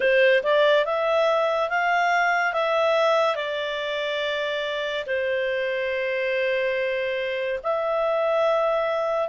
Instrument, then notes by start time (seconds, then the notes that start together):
clarinet
0.00 C5
0.43 D5
0.85 E5
1.69 F5
2.53 E5
3.35 D5
5.06 C5
7.63 E5